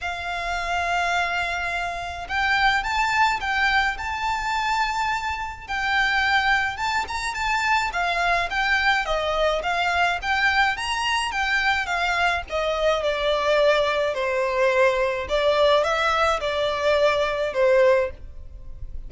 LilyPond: \new Staff \with { instrumentName = "violin" } { \time 4/4 \tempo 4 = 106 f''1 | g''4 a''4 g''4 a''4~ | a''2 g''2 | a''8 ais''8 a''4 f''4 g''4 |
dis''4 f''4 g''4 ais''4 | g''4 f''4 dis''4 d''4~ | d''4 c''2 d''4 | e''4 d''2 c''4 | }